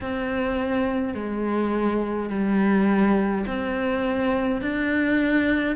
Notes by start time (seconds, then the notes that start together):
0.00 C4
1.14 G#3
2.29 G3
3.46 C4
4.61 D4